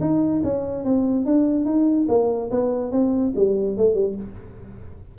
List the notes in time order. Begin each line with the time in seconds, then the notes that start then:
0.00 D#4
0.44 C#4
0.84 C4
1.25 D4
1.65 D#4
2.08 A#3
2.51 B3
2.91 C4
3.35 G3
3.77 A3
3.94 G3